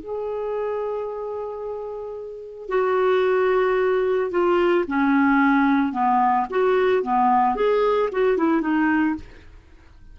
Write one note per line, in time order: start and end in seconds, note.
0.00 2.69 G#4
2.69 4.31 F#4
4.31 4.85 F4
4.87 5.92 C#4
5.92 6.46 B3
6.50 7.03 F#4
7.03 7.55 B3
7.55 8.09 G#4
8.12 8.37 F#4
8.37 8.61 E4
8.61 9.15 D#4